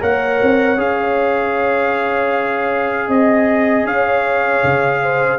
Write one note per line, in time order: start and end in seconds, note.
0.00 0.41 A#3
0.00 0.77 A#4
0.00 3.08 C#5
0.00 0.80 F#5
0.43 0.78 C4
0.77 3.08 C#4
0.77 5.39 G#4
0.77 3.11 F5
3.08 3.85 C4
3.08 3.85 D#5
3.08 3.87 D#5
3.85 4.62 C#4
3.85 5.02 C#5
3.85 5.39 F5
4.64 5.39 C#3
5.03 5.39 C5